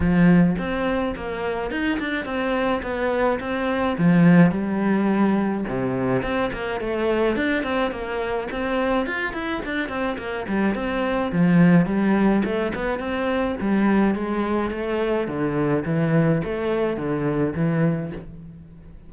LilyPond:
\new Staff \with { instrumentName = "cello" } { \time 4/4 \tempo 4 = 106 f4 c'4 ais4 dis'8 d'8 | c'4 b4 c'4 f4 | g2 c4 c'8 ais8 | a4 d'8 c'8 ais4 c'4 |
f'8 e'8 d'8 c'8 ais8 g8 c'4 | f4 g4 a8 b8 c'4 | g4 gis4 a4 d4 | e4 a4 d4 e4 | }